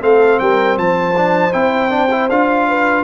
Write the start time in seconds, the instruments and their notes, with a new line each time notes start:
0.00 tuba A3, trombone C4, horn A4, trumpet F5
0.39 tuba G3, horn A#4, trumpet G5
0.77 tuba F3, horn C5, trumpet A5
1.16 trombone D4
1.52 tuba C4, trombone E4, trumpet G5
1.89 trombone D4
2.11 trombone E4
2.29 tuba D4, trombone F4, trumpet F5
2.68 horn B4